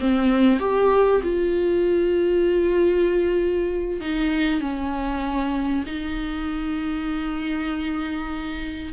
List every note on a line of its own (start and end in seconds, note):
0.00 0.60 C4
0.60 1.22 G4
1.23 4.01 F4
4.01 4.61 D#4
4.61 5.85 C#4
5.87 8.94 D#4